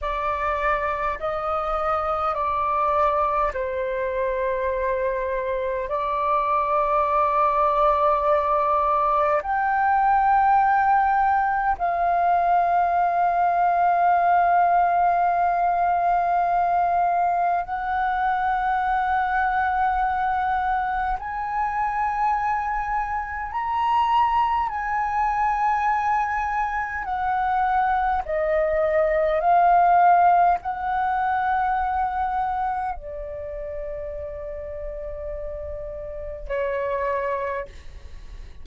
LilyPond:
\new Staff \with { instrumentName = "flute" } { \time 4/4 \tempo 4 = 51 d''4 dis''4 d''4 c''4~ | c''4 d''2. | g''2 f''2~ | f''2. fis''4~ |
fis''2 gis''2 | ais''4 gis''2 fis''4 | dis''4 f''4 fis''2 | d''2. cis''4 | }